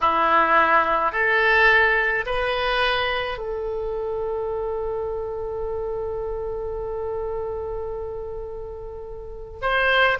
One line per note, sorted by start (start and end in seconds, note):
0.00 1.12 E4
1.12 2.25 A4
2.25 3.38 B4
3.38 9.60 A4
9.61 10.18 C5